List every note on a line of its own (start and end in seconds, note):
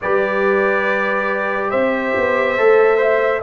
0.01 1.72 G3
0.01 2.57 G4
0.01 1.70 B4
0.01 1.70 D5
1.70 2.15 C4
1.70 2.98 C5
1.70 3.41 E5
2.16 2.59 B3
2.57 3.42 A3
2.57 2.97 A4
2.97 3.40 C5
2.97 3.42 E5